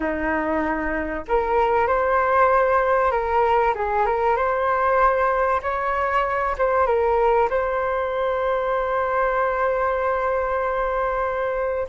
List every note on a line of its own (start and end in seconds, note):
0.00 1.25 D#4
1.28 1.87 A#4
1.87 3.11 C5
3.11 3.73 A#4
3.74 4.06 G#4
4.06 4.36 A#4
4.36 5.61 C5
5.62 6.56 C#5
6.58 6.86 C5
6.86 7.49 A#4
7.50 11.87 C5